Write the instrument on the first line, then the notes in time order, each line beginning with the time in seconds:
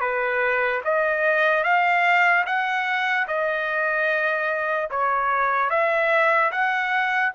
trumpet
0.00 B4
0.84 D#5
1.63 F5
2.45 F#5
3.27 D#5
4.90 C#5
5.70 E5
6.51 F#5